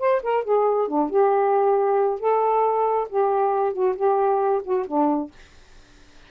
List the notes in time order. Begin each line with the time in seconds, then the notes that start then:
0.00 C5
0.23 A#4
0.44 G#4
0.88 D4
1.10 G4
2.20 A4
3.09 G4
3.74 F#4
3.96 G4
4.64 F#4
4.87 D4